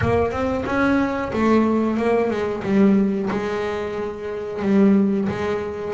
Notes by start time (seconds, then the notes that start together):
0.01 A#3
0.31 C4
0.65 C#4
1.32 A3
1.97 A#3
2.30 G#3
2.63 G3
3.30 G#3
4.62 G3
5.29 G#3